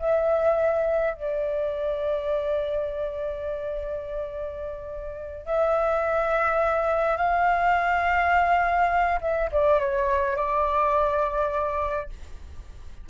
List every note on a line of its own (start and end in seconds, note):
0.00 1.15 E5
1.15 5.46 D5
5.46 7.17 E5
7.17 9.19 F5
9.21 9.50 E5
9.52 9.80 D5
9.80 10.37 C#5
10.37 12.10 D5